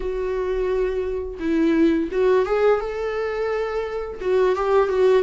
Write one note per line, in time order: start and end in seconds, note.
0.00 1.38 F#4
1.39 2.09 E4
2.11 2.45 F#4
2.45 2.80 G#4
2.80 4.20 A4
4.21 4.55 F#4
4.55 4.88 G4
4.88 5.22 F#4